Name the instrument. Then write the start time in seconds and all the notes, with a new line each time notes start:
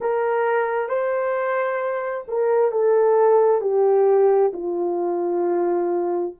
horn
0.00 A#4
0.88 C5
2.27 A#4
2.71 A4
3.61 G4
4.52 F4